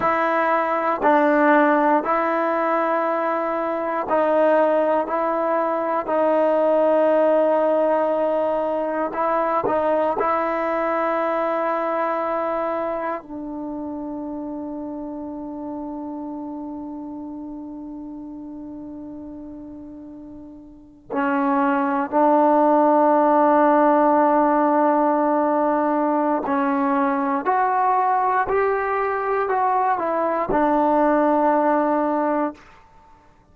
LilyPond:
\new Staff \with { instrumentName = "trombone" } { \time 4/4 \tempo 4 = 59 e'4 d'4 e'2 | dis'4 e'4 dis'2~ | dis'4 e'8 dis'8 e'2~ | e'4 d'2.~ |
d'1~ | d'8. cis'4 d'2~ d'16~ | d'2 cis'4 fis'4 | g'4 fis'8 e'8 d'2 | }